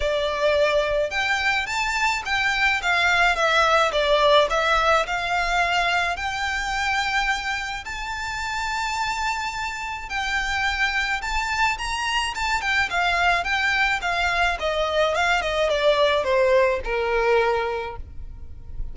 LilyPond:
\new Staff \with { instrumentName = "violin" } { \time 4/4 \tempo 4 = 107 d''2 g''4 a''4 | g''4 f''4 e''4 d''4 | e''4 f''2 g''4~ | g''2 a''2~ |
a''2 g''2 | a''4 ais''4 a''8 g''8 f''4 | g''4 f''4 dis''4 f''8 dis''8 | d''4 c''4 ais'2 | }